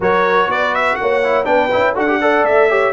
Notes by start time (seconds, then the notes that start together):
0.00 F#3 F#4 A#4 C#5
0.47 B3 B4 D5
0.74 E5
0.95 A#3 C#5 F#5
1.23 E4
1.44 B3 D4 B4 G5
1.71 C#4 E4
1.93 D4 F#4 A4 F#5
2.07 G4
2.21 A4 D5
2.42 A3 E5
2.69 G4 C#5